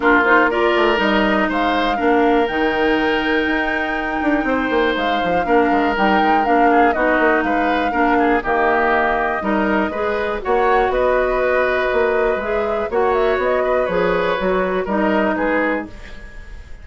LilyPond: <<
  \new Staff \with { instrumentName = "flute" } { \time 4/4 \tempo 4 = 121 ais'8 c''8 d''4 dis''4 f''4~ | f''4 g''2.~ | g''2 f''2 | g''4 f''4 dis''4 f''4~ |
f''4 dis''2.~ | dis''4 fis''4 dis''2~ | dis''4 e''4 fis''8 e''8 dis''4 | cis''2 dis''4 b'4 | }
  \new Staff \with { instrumentName = "oboe" } { \time 4/4 f'4 ais'2 c''4 | ais'1~ | ais'4 c''2 ais'4~ | ais'4. gis'8 fis'4 b'4 |
ais'8 gis'8 g'2 ais'4 | b'4 cis''4 b'2~ | b'2 cis''4. b'8~ | b'2 ais'4 gis'4 | }
  \new Staff \with { instrumentName = "clarinet" } { \time 4/4 d'8 dis'8 f'4 dis'2 | d'4 dis'2.~ | dis'2. d'4 | dis'4 d'4 dis'2 |
d'4 ais2 dis'4 | gis'4 fis'2.~ | fis'4 gis'4 fis'2 | gis'4 fis'4 dis'2 | }
  \new Staff \with { instrumentName = "bassoon" } { \time 4/4 ais4. a8 g4 gis4 | ais4 dis2 dis'4~ | dis'8 d'8 c'8 ais8 gis8 f8 ais8 gis8 | g8 gis8 ais4 b8 ais8 gis4 |
ais4 dis2 g4 | gis4 ais4 b2 | ais4 gis4 ais4 b4 | f4 fis4 g4 gis4 | }
>>